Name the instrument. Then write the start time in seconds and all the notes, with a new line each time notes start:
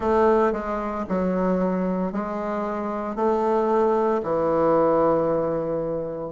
bassoon
0.00 A3
0.52 G#3
1.08 F#3
2.12 G#3
3.15 A3
4.23 E3